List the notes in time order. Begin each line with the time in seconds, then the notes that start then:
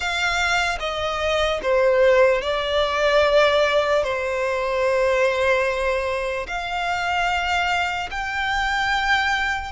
0.00 F5
0.79 D#5
1.62 C5
2.41 D5
4.03 C5
6.47 F5
8.10 G5